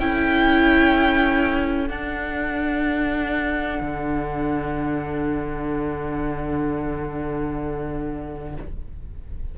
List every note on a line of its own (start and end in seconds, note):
0.00 1.90 C#4
0.00 1.89 E4
0.00 8.59 A4
0.00 1.88 G5
1.88 8.56 D4
1.88 3.81 D4
1.88 8.55 F#5
3.81 8.57 D3